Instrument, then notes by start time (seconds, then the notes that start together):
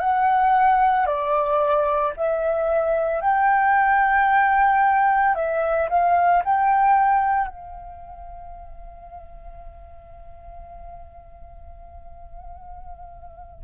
flute
0.00 F#5
1.06 D5
2.17 E5
3.21 G5
5.35 E5
5.90 F5
6.45 G5
7.48 F5